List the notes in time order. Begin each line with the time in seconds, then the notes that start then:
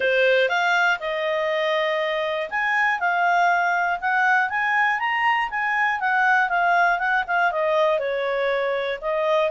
0.00 C5
0.48 F5
0.99 D#5
2.50 G#5
2.99 F5
4.00 F#5
4.49 G#5
4.99 A#5
5.50 G#5
6.00 F#5
6.49 F5
6.99 F#5
7.27 F5
7.51 D#5
7.99 C#5
9.01 D#5